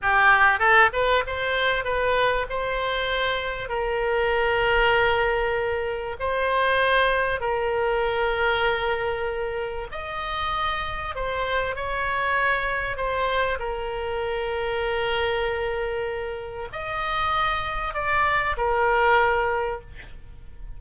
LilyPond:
\new Staff \with { instrumentName = "oboe" } { \time 4/4 \tempo 4 = 97 g'4 a'8 b'8 c''4 b'4 | c''2 ais'2~ | ais'2 c''2 | ais'1 |
dis''2 c''4 cis''4~ | cis''4 c''4 ais'2~ | ais'2. dis''4~ | dis''4 d''4 ais'2 | }